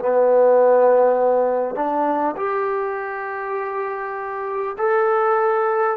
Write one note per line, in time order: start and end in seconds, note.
0.00 1.76 B3
1.76 2.36 D4
2.37 4.77 G4
4.78 5.97 A4